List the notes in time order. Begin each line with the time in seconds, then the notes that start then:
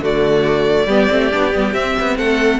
0.00 D3 A3 F#4 D5
0.87 G3 B3 G4
1.09 A3 C4
1.32 B3 D4
1.53 G3 B3
1.74 C4 E5
2.00 B3
2.17 A3 A4 F#5